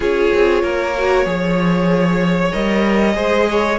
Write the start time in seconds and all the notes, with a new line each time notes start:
0.00 C#4 F4 G#4 C#5
0.34 C4
0.62 A#3 A#4
0.98 F#4
1.25 F3 G#4 C#5
2.52 G3 A#4 D#5
3.13 G#3 G#4 C5
3.50 C#5